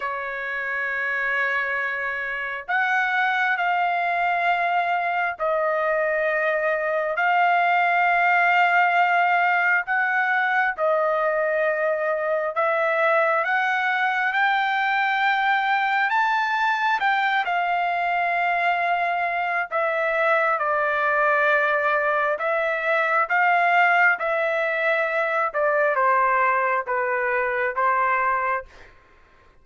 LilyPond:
\new Staff \with { instrumentName = "trumpet" } { \time 4/4 \tempo 4 = 67 cis''2. fis''4 | f''2 dis''2 | f''2. fis''4 | dis''2 e''4 fis''4 |
g''2 a''4 g''8 f''8~ | f''2 e''4 d''4~ | d''4 e''4 f''4 e''4~ | e''8 d''8 c''4 b'4 c''4 | }